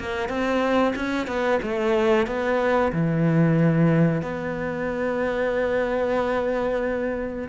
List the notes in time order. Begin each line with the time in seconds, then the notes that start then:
0.00 A#3
0.29 C4
0.96 C#4
1.27 B3
1.63 A3
2.27 B3
2.93 E3
4.22 B3